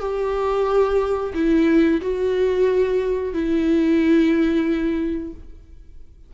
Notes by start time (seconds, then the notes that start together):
0.00 G4
1.34 E4
2.01 F#4
3.33 E4